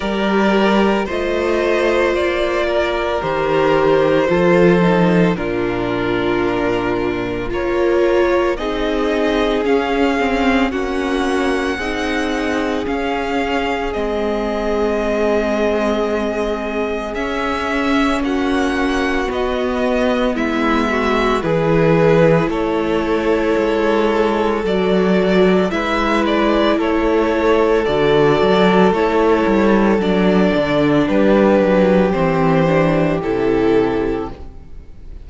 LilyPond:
<<
  \new Staff \with { instrumentName = "violin" } { \time 4/4 \tempo 4 = 56 d''4 dis''4 d''4 c''4~ | c''4 ais'2 cis''4 | dis''4 f''4 fis''2 | f''4 dis''2. |
e''4 fis''4 dis''4 e''4 | b'4 cis''2 d''4 | e''8 d''8 cis''4 d''4 cis''4 | d''4 b'4 c''4 a'4 | }
  \new Staff \with { instrumentName = "violin" } { \time 4/4 ais'4 c''4. ais'4. | a'4 f'2 ais'4 | gis'2 fis'4 gis'4~ | gis'1~ |
gis'4 fis'2 e'8 fis'8 | gis'4 a'2. | b'4 a'2.~ | a'4 g'2. | }
  \new Staff \with { instrumentName = "viola" } { \time 4/4 g'4 f'2 g'4 | f'8 dis'8 d'2 f'4 | dis'4 cis'8 c'8 cis'4 dis'4 | cis'4 c'2. |
cis'2 b2 | e'2. fis'4 | e'2 fis'4 e'4 | d'2 c'8 d'8 e'4 | }
  \new Staff \with { instrumentName = "cello" } { \time 4/4 g4 a4 ais4 dis4 | f4 ais,2 ais4 | c'4 cis'4 ais4 c'4 | cis'4 gis2. |
cis'4 ais4 b4 gis4 | e4 a4 gis4 fis4 | gis4 a4 d8 fis8 a8 g8 | fis8 d8 g8 fis8 e4 c4 | }
>>